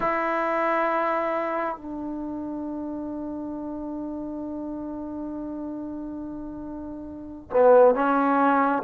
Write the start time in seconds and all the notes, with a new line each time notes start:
0.00 E4
1.76 D4
7.50 B3
7.94 C#4